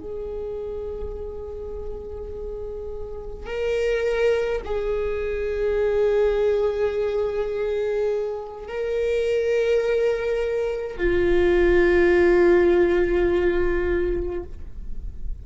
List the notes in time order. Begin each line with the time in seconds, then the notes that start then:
0.00 G#4
3.46 A#4
4.65 G#4
8.68 A#4
10.97 F4